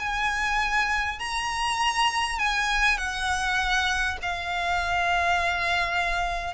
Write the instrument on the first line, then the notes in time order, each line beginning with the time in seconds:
violin
0.00 G#5
1.20 A#5
2.39 G#5
2.98 F#5
4.22 F5